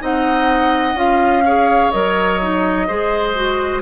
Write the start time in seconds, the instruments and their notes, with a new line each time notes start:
0.00 bassoon C4, clarinet D#4, oboe D#5, flute F#5
0.94 bassoon C#4, clarinet F4, flute F5
1.45 clarinet G#4, oboe C#5
1.91 bassoon F#3, clarinet A#4, flute D#5
2.41 clarinet D#4
2.87 bassoon G#3, clarinet G#4, oboe C5
3.35 clarinet F#4